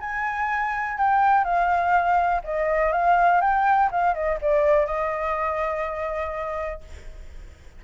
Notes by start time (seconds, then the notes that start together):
0.00 G#5
0.98 G5
1.44 F5
2.44 D#5
2.92 F5
3.41 G5
3.91 F5
4.14 D#5
4.41 D5
4.86 D#5